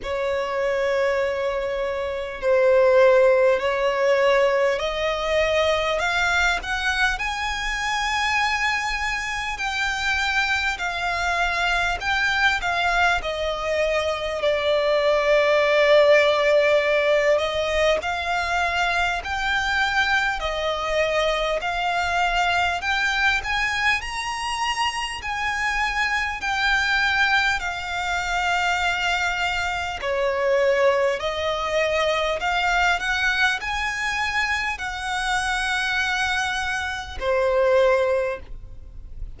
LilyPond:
\new Staff \with { instrumentName = "violin" } { \time 4/4 \tempo 4 = 50 cis''2 c''4 cis''4 | dis''4 f''8 fis''8 gis''2 | g''4 f''4 g''8 f''8 dis''4 | d''2~ d''8 dis''8 f''4 |
g''4 dis''4 f''4 g''8 gis''8 | ais''4 gis''4 g''4 f''4~ | f''4 cis''4 dis''4 f''8 fis''8 | gis''4 fis''2 c''4 | }